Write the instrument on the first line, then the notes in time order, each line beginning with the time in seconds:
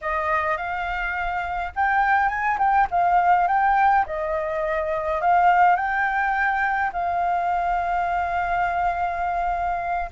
flute
0.01 D#5
0.57 F5
1.75 G5
2.28 G#5
2.58 G5
2.91 F5
3.47 G5
4.05 D#5
5.21 F5
5.76 G5
6.93 F5